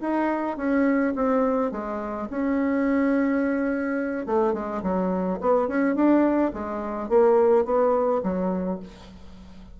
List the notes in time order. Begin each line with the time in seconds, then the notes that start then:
0.00 D#4
0.57 C#4
1.15 C4
1.71 G#3
2.30 C#4
4.26 A3
4.53 G#3
4.82 F#3
5.40 B3
5.68 C#4
5.95 D4
6.53 G#3
7.09 A#3
7.65 B3
8.23 F#3